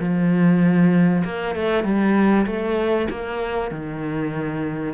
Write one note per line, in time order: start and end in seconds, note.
0.00 1.24 F3
1.25 1.56 A#3
1.56 1.84 A3
1.84 2.46 G3
2.47 3.08 A3
3.10 3.71 A#3
3.71 4.94 D#3